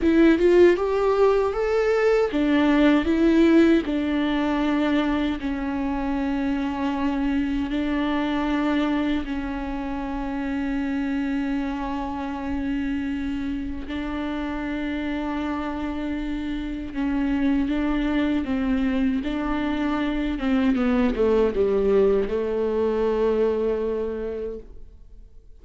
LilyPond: \new Staff \with { instrumentName = "viola" } { \time 4/4 \tempo 4 = 78 e'8 f'8 g'4 a'4 d'4 | e'4 d'2 cis'4~ | cis'2 d'2 | cis'1~ |
cis'2 d'2~ | d'2 cis'4 d'4 | c'4 d'4. c'8 b8 a8 | g4 a2. | }